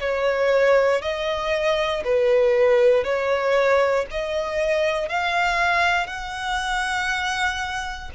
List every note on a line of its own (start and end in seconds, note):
0.00 1.01 C#5
1.01 2.03 D#5
2.04 3.04 B4
3.04 4.05 C#5
4.10 5.08 D#5
5.08 6.06 F5
6.06 8.10 F#5